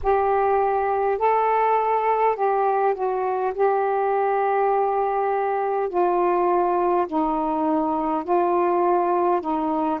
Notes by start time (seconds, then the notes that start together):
0.02 G4
1.18 A4
2.35 G4
2.94 F#4
3.53 G4
5.89 F4
7.07 D#4
8.24 F4
9.41 D#4